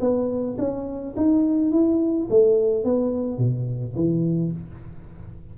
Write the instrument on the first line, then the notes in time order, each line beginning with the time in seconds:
tuba
0.00 B3
0.58 C#4
1.16 D#4
1.71 E4
2.30 A3
2.84 B3
3.38 B2
3.95 E3